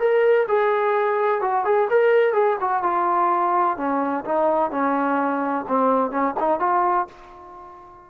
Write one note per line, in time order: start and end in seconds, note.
0.00 0.47 A#4
0.48 1.42 G#4
1.42 1.65 F#4
1.65 1.89 G#4
1.90 2.33 A#4
2.33 2.57 G#4
2.61 2.83 F#4
2.83 3.77 F4
3.77 4.25 C#4
4.25 4.71 D#4
4.71 5.65 C#4
5.68 6.11 C4
6.11 6.35 C#4
6.40 6.60 D#4
6.60 7.07 F4